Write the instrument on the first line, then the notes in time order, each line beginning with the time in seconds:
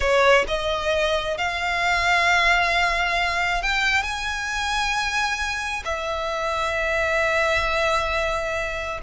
violin
0.00 C#5
0.47 D#5
1.37 F5
3.62 G5
4.02 G#5
5.84 E5